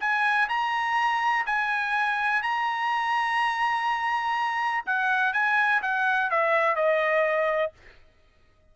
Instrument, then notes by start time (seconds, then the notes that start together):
trumpet
0.00 G#5
0.49 A#5
1.46 G#5
2.42 A#5
4.86 F#5
5.33 G#5
5.82 F#5
6.30 E5
6.76 D#5